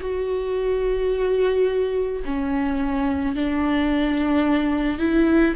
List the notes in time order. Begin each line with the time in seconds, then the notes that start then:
0.00 F#4
2.25 C#4
3.35 D4
4.98 E4